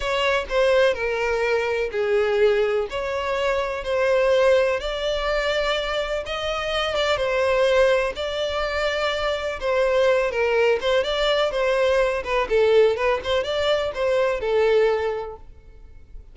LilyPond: \new Staff \with { instrumentName = "violin" } { \time 4/4 \tempo 4 = 125 cis''4 c''4 ais'2 | gis'2 cis''2 | c''2 d''2~ | d''4 dis''4. d''8 c''4~ |
c''4 d''2. | c''4. ais'4 c''8 d''4 | c''4. b'8 a'4 b'8 c''8 | d''4 c''4 a'2 | }